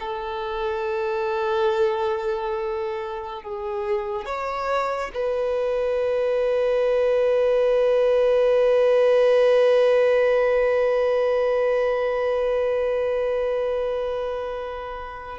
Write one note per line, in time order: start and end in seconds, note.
0.00 3.42 A4
3.42 4.25 G#4
4.25 5.11 C#5
5.14 15.39 B4